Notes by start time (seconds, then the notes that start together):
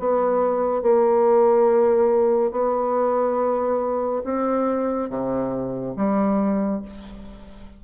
0.00 B3
0.83 A#3
2.52 B3
4.25 C4
5.10 C3
5.96 G3